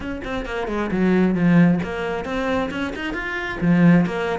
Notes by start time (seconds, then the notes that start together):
0.00 C#4
0.24 C4
0.45 A#3
0.67 G#3
0.91 F#3
1.34 F3
1.83 A#3
2.24 C4
2.70 C#4
2.95 D#4
3.13 F4
3.60 F3
4.06 A#3